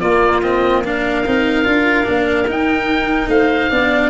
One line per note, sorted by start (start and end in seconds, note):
0.00 0.42 A#3
0.00 1.24 A#3
0.00 0.83 F4
0.00 0.41 D5
0.42 0.84 C4
0.42 0.84 D#5
0.84 1.25 D4
0.84 3.30 A#4
0.84 2.50 F5
1.26 1.65 C4
1.26 1.65 D#4
1.65 2.07 D4
1.65 2.04 F4
2.04 2.48 A#3
2.04 2.45 D4
2.48 3.71 D#4
2.48 3.28 D#4
2.48 3.29 G5
3.28 3.69 A3
3.28 3.71 C5
3.28 4.10 F5
3.71 4.10 B3
3.71 4.10 D4
3.71 4.10 D5